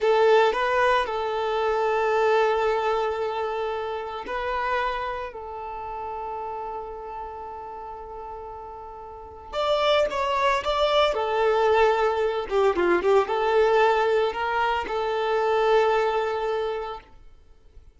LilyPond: \new Staff \with { instrumentName = "violin" } { \time 4/4 \tempo 4 = 113 a'4 b'4 a'2~ | a'1 | b'2 a'2~ | a'1~ |
a'2 d''4 cis''4 | d''4 a'2~ a'8 g'8 | f'8 g'8 a'2 ais'4 | a'1 | }